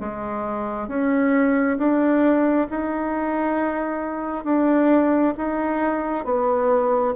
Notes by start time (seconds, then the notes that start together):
0.00 G#3
0.88 C#4
1.79 D4
2.70 D#4
4.45 D4
5.38 D#4
6.25 B3